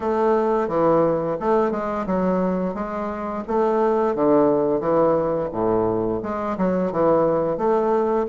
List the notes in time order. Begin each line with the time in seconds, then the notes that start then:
0.00 A3
0.68 E3
1.39 A3
1.71 G#3
2.06 F#3
2.74 G#3
3.47 A3
4.15 D3
4.80 E3
5.52 A2
6.22 G#3
6.57 F#3
6.92 E3
7.57 A3